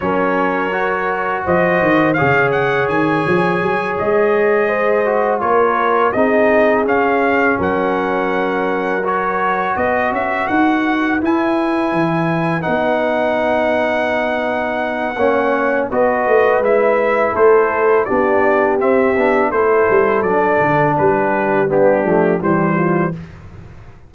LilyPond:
<<
  \new Staff \with { instrumentName = "trumpet" } { \time 4/4 \tempo 4 = 83 cis''2 dis''4 f''8 fis''8 | gis''4. dis''2 cis''8~ | cis''8 dis''4 f''4 fis''4.~ | fis''8 cis''4 dis''8 e''8 fis''4 gis''8~ |
gis''4. fis''2~ fis''8~ | fis''2 dis''4 e''4 | c''4 d''4 e''4 c''4 | d''4 b'4 g'4 c''4 | }
  \new Staff \with { instrumentName = "horn" } { \time 4/4 ais'2 c''4 cis''4~ | cis''2~ cis''8 c''4 ais'8~ | ais'8 gis'2 ais'4.~ | ais'4. b'2~ b'8~ |
b'1~ | b'4 cis''4 b'2 | a'4 g'2 a'4~ | a'4 g'4 d'4 g'8 f'8 | }
  \new Staff \with { instrumentName = "trombone" } { \time 4/4 cis'4 fis'2 gis'4~ | gis'2. fis'8 f'8~ | f'8 dis'4 cis'2~ cis'8~ | cis'8 fis'2. e'8~ |
e'4. dis'2~ dis'8~ | dis'4 cis'4 fis'4 e'4~ | e'4 d'4 c'8 d'8 e'4 | d'2 b8 a8 g4 | }
  \new Staff \with { instrumentName = "tuba" } { \time 4/4 fis2 f8 dis8 cis4 | dis8 f8 fis8 gis2 ais8~ | ais8 c'4 cis'4 fis4.~ | fis4. b8 cis'8 dis'4 e'8~ |
e'8 e4 b2~ b8~ | b4 ais4 b8 a8 gis4 | a4 b4 c'8 b8 a8 g8 | fis8 d8 g4. f8 e4 | }
>>